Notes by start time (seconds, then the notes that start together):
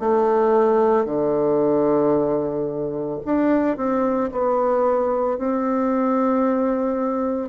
0.00 A3
1.05 D3
3.25 D4
3.77 C4
4.31 B3
5.38 C4